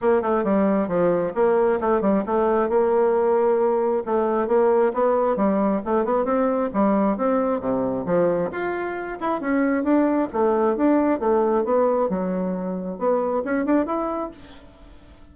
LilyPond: \new Staff \with { instrumentName = "bassoon" } { \time 4/4 \tempo 4 = 134 ais8 a8 g4 f4 ais4 | a8 g8 a4 ais2~ | ais4 a4 ais4 b4 | g4 a8 b8 c'4 g4 |
c'4 c4 f4 f'4~ | f'8 e'8 cis'4 d'4 a4 | d'4 a4 b4 fis4~ | fis4 b4 cis'8 d'8 e'4 | }